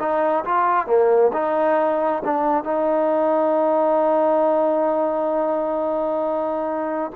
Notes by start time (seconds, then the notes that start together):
0.00 D#4
0.45 F4
0.87 A#3
1.34 D#4
2.25 D4
2.64 D#4